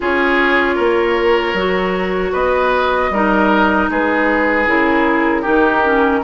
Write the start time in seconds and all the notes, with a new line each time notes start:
0.00 C#4 F4 G#4 C#5
0.75 A#3 A#4
1.53 F#3 F#4
2.32 B3 B4 D#5
3.09 G3 D#4 A#4
3.89 G#3 G#4 B4
4.66 C#3 E4 A#4
5.41 D#3 D#4 G4
5.84 C#4